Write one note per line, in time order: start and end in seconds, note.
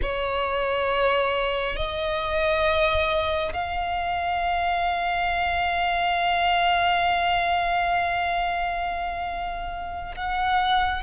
0.02 1.76 C#5
1.76 3.52 D#5
3.53 10.15 F5
10.16 11.03 F#5